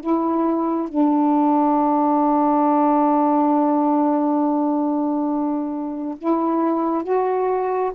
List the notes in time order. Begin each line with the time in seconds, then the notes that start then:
0.00 E4
0.88 D4
6.18 E4
7.03 F#4